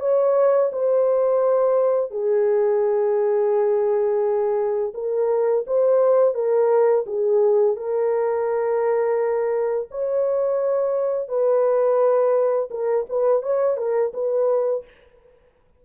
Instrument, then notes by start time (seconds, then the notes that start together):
horn
0.00 C#5
0.72 C5
2.10 G#4
4.94 A#4
5.66 C5
6.34 A#4
7.06 G#4
7.76 A#4
9.91 C#5
11.28 B4
12.70 A#4
13.09 B4
13.42 C#5
13.77 A#4
14.13 B4